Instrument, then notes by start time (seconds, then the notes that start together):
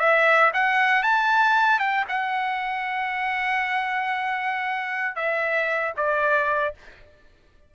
trumpet
0.00 E5
0.54 F#5
1.03 A5
1.80 G5
2.09 F#5
5.16 E5
5.97 D5